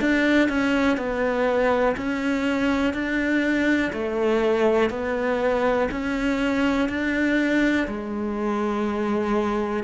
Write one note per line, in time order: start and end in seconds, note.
0.00 0.49 D4
0.49 0.97 C#4
0.97 1.95 B3
1.97 2.93 C#4
2.93 3.92 D4
3.93 4.90 A3
4.90 5.88 B3
5.91 6.89 C#4
6.89 7.87 D4
7.87 9.83 G#3